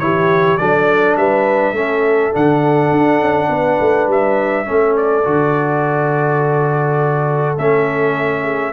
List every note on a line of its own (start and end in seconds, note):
0.00 0.58 E3
0.00 0.59 E4
0.00 0.60 G4
0.00 0.58 C#5
0.58 1.17 F#3
0.58 1.75 D4
0.58 1.19 A4
0.58 1.16 D5
1.17 1.73 G3
1.17 1.74 B4
1.17 2.34 E5
1.73 2.31 A3
1.73 2.32 C#4
1.73 3.49 A4
2.32 2.92 D3
2.32 4.65 D4
2.32 4.10 F#5
2.92 3.20 D4
3.20 3.49 C#4
3.50 3.79 B3
3.50 4.67 B4
3.81 4.08 A3
4.08 4.66 G3
4.08 4.97 E5
4.65 5.26 A3
4.65 5.24 C#4
4.65 8.42 A4
4.97 7.58 D5
5.25 7.58 D3
5.25 7.58 F#4
7.58 8.73 A3
7.58 8.73 C#4
7.58 8.73 E5
8.42 8.72 G#4